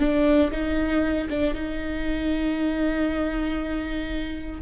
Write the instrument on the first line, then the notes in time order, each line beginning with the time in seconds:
viola
0.00 D4
0.52 D#4
1.30 D4
1.55 D#4